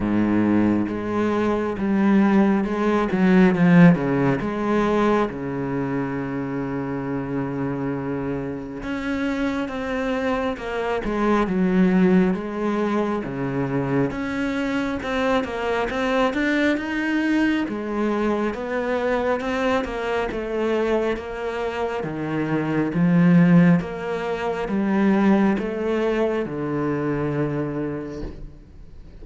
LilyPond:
\new Staff \with { instrumentName = "cello" } { \time 4/4 \tempo 4 = 68 gis,4 gis4 g4 gis8 fis8 | f8 cis8 gis4 cis2~ | cis2 cis'4 c'4 | ais8 gis8 fis4 gis4 cis4 |
cis'4 c'8 ais8 c'8 d'8 dis'4 | gis4 b4 c'8 ais8 a4 | ais4 dis4 f4 ais4 | g4 a4 d2 | }